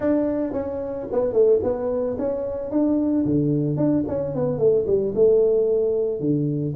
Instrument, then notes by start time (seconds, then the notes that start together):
tuba
0.00 D4
0.53 C#4
1.12 B3
1.32 A3
1.63 B3
2.18 C#4
2.71 D4
3.25 D3
3.77 D4
4.08 C#4
4.34 B3
4.58 A3
4.86 G3
5.14 A3
6.19 D3